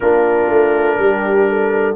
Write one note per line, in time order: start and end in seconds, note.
0.00 0.49 A#3
0.00 1.96 D4
0.00 0.98 F4
0.00 1.95 A#4
0.49 0.98 A3
0.98 1.96 G3
0.98 1.49 G4
1.49 1.96 A4